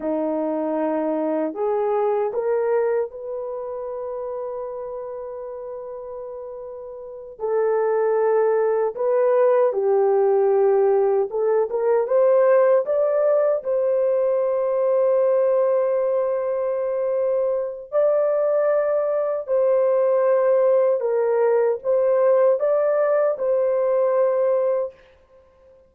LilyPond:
\new Staff \with { instrumentName = "horn" } { \time 4/4 \tempo 4 = 77 dis'2 gis'4 ais'4 | b'1~ | b'4. a'2 b'8~ | b'8 g'2 a'8 ais'8 c''8~ |
c''8 d''4 c''2~ c''8~ | c''2. d''4~ | d''4 c''2 ais'4 | c''4 d''4 c''2 | }